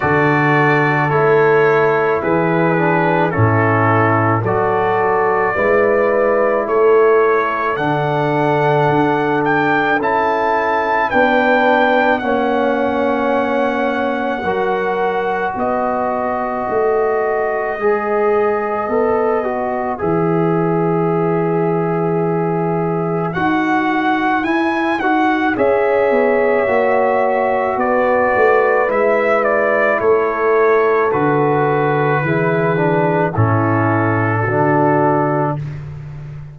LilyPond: <<
  \new Staff \with { instrumentName = "trumpet" } { \time 4/4 \tempo 4 = 54 d''4 cis''4 b'4 a'4 | d''2 cis''4 fis''4~ | fis''8 g''8 a''4 g''4 fis''4~ | fis''2 dis''2~ |
dis''2 e''2~ | e''4 fis''4 gis''8 fis''8 e''4~ | e''4 d''4 e''8 d''8 cis''4 | b'2 a'2 | }
  \new Staff \with { instrumentName = "horn" } { \time 4/4 a'2 gis'4 e'4 | a'4 b'4 a'2~ | a'2 b'4 cis''4~ | cis''4 ais'4 b'2~ |
b'1~ | b'2. cis''4~ | cis''4 b'2 a'4~ | a'4 gis'4 e'4 fis'4 | }
  \new Staff \with { instrumentName = "trombone" } { \time 4/4 fis'4 e'4. d'8 cis'4 | fis'4 e'2 d'4~ | d'4 e'4 d'4 cis'4~ | cis'4 fis'2. |
gis'4 a'8 fis'8 gis'2~ | gis'4 fis'4 e'8 fis'8 gis'4 | fis'2 e'2 | fis'4 e'8 d'8 cis'4 d'4 | }
  \new Staff \with { instrumentName = "tuba" } { \time 4/4 d4 a4 e4 a,4 | fis4 gis4 a4 d4 | d'4 cis'4 b4 ais4~ | ais4 fis4 b4 a4 |
gis4 b4 e2~ | e4 dis'4 e'8 dis'8 cis'8 b8 | ais4 b8 a8 gis4 a4 | d4 e4 a,4 d4 | }
>>